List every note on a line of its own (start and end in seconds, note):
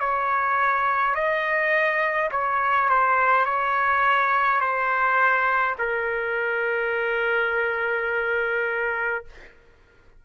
0.00 1.15 C#5
1.15 2.30 D#5
2.31 2.89 C#5
2.89 3.45 C5
3.45 4.60 C#5
4.60 5.75 C5
5.78 9.25 A#4